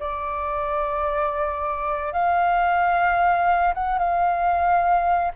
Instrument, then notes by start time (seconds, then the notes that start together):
flute
0.00 D5
2.13 F5
3.75 F#5
3.98 F5